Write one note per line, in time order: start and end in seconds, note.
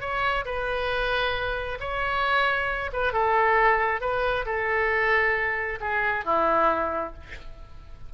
0.00 0.44 C#5
0.45 1.78 B4
1.80 2.91 C#5
2.93 3.12 B4
3.12 4.00 A4
4.00 4.45 B4
4.45 5.79 A4
5.80 6.24 G#4
6.24 7.13 E4